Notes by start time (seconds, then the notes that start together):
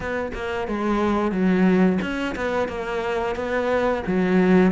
0.00 B3
0.34 A#3
0.67 G#3
1.31 F#3
2.01 C#4
2.35 B3
2.68 A#3
3.35 B3
4.06 F#3